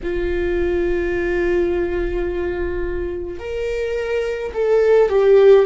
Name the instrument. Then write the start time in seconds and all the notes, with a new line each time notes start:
viola
0.03 F4
3.39 A#4
4.54 A4
5.09 G4